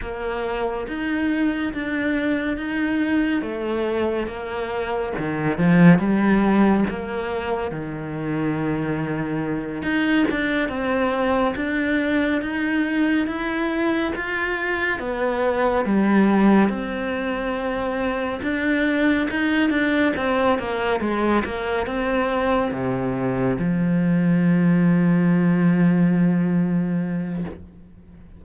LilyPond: \new Staff \with { instrumentName = "cello" } { \time 4/4 \tempo 4 = 70 ais4 dis'4 d'4 dis'4 | a4 ais4 dis8 f8 g4 | ais4 dis2~ dis8 dis'8 | d'8 c'4 d'4 dis'4 e'8~ |
e'8 f'4 b4 g4 c'8~ | c'4. d'4 dis'8 d'8 c'8 | ais8 gis8 ais8 c'4 c4 f8~ | f1 | }